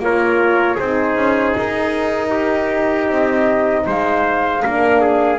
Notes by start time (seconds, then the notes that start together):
0.00 A#3 F4 A#4 C#5
0.76 C4 D#4 G#4 C5
1.17 C#4
1.58 D#4 A#4
2.31 G4
3.09 C4 D#5
3.87 G#3 C5 F5
4.64 A#3 D4 A#4
5.01 G#4